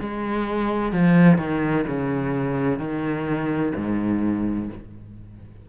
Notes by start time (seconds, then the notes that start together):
0.00 G#3
0.92 F3
1.38 D#3
1.87 C#3
2.79 D#3
3.75 G#2